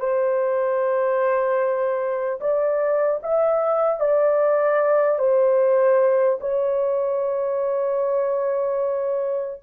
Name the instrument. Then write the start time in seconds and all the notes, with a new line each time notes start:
horn
0.00 C5
2.41 D5
3.23 E5
4.00 D5
5.19 C5
6.41 C#5